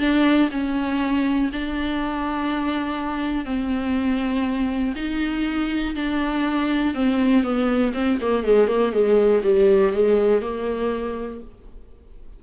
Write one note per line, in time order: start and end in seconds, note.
0.00 0.50 D4
0.52 1.51 C#4
1.53 3.46 D4
3.46 4.94 C4
4.96 5.95 D#4
5.96 6.95 D4
6.95 7.44 C4
7.44 7.93 B3
7.94 8.19 C4
8.22 8.44 A#3
8.44 8.68 G#3
8.68 8.93 A#3
8.93 9.43 G#3
9.43 9.93 G3
9.93 10.42 G#3
10.42 11.41 A#3